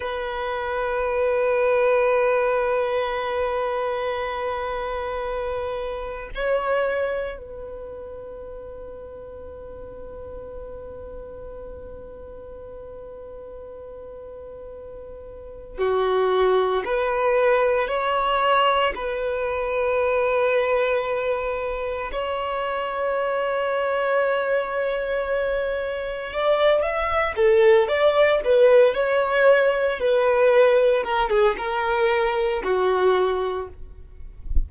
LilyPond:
\new Staff \with { instrumentName = "violin" } { \time 4/4 \tempo 4 = 57 b'1~ | b'2 cis''4 b'4~ | b'1~ | b'2. fis'4 |
b'4 cis''4 b'2~ | b'4 cis''2.~ | cis''4 d''8 e''8 a'8 d''8 b'8 cis''8~ | cis''8 b'4 ais'16 gis'16 ais'4 fis'4 | }